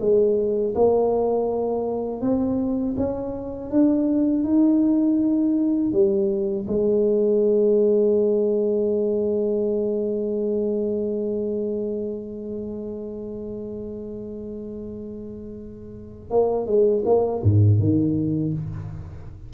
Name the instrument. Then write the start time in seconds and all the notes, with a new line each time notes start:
tuba
0.00 G#3
0.75 A#3
2.21 C4
2.97 C#4
3.71 D4
4.44 D#4
5.92 G3
6.67 G#3
16.30 A#3
16.66 G#3
17.05 A#3
17.43 G#2
17.79 D#3